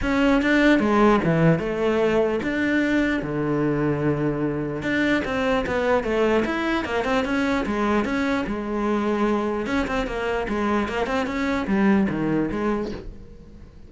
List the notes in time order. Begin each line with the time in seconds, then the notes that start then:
0.01 C#4
0.42 D4
0.79 G#3
1.24 E3
1.59 A3
2.43 D4
3.22 D3
4.82 D4
5.25 C4
5.66 B3
6.03 A3
6.45 E4
6.85 A#3
7.04 C4
7.24 C#4
7.66 G#3
8.04 C#4
8.47 G#3
9.66 C#4
9.87 C4
10.07 A#3
10.48 G#3
10.88 A#3
11.06 C4
11.26 C#4
11.67 G3
12.09 D#3
12.51 G#3